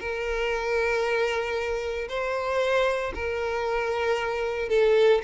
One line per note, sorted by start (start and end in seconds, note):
0.00 2.09 A#4
2.09 3.13 C5
3.15 4.69 A#4
4.69 5.22 A4